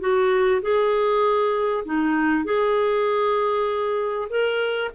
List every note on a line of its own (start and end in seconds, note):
0.00 0.61 F#4
0.62 1.84 G#4
1.85 2.44 D#4
2.44 4.28 G#4
4.29 4.90 A#4